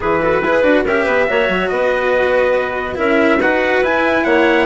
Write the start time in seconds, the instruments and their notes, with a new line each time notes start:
0.00 bassoon E3, cello E4, clarinet G#4, trumpet B4
0.22 cello F#4, clarinet A4
0.41 bassoon E4, cello G#4, clarinet B4
0.62 bassoon D4, cello F#4
0.84 bassoon C#4, cello G4, clarinet A#4, trumpet E5
1.04 bassoon B3, clarinet B4
1.27 bassoon A#3, cello F#4, clarinet C#5
1.48 bassoon F#3
1.68 bassoon B3, clarinet B4, trumpet D#5
2.95 bassoon C#4, cello E4, clarinet A#4, trumpet E5
3.40 bassoon D#4, cello F#4, clarinet B4, trumpet F#5
3.81 bassoon E4, cello E4, trumpet G#5
4.24 bassoon A#3, clarinet C#5, trumpet F#5